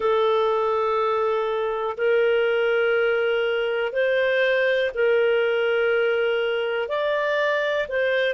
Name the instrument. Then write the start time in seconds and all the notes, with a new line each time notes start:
clarinet
0.00 A4
1.97 A#4
3.92 C5
4.94 A#4
6.88 D5
7.88 C5